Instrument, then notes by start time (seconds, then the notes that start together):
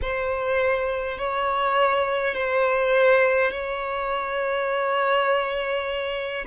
violin
0.01 C5
1.18 C#5
2.34 C5
3.51 C#5